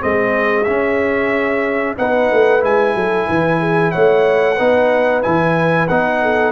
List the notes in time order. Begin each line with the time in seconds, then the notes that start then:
0.00 G#3 C4 G#4 D#5
0.64 C#4 E5
1.98 B3 D#4 B4 F#5
2.32 A3
2.60 G#3 E4 G#5
2.95 F#3 A4
3.28 E3 B4
3.60 G#4
3.92 A3 C#5 F#5
4.56 B3 D#4 B4
5.23 E3 E4 G#5
5.88 B3 D#4 F#5
6.22 A4